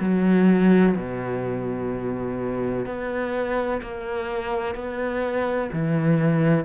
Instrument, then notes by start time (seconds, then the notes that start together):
cello
0.00 F#3
0.96 B2
2.86 B3
3.82 A#3
4.75 B3
5.73 E3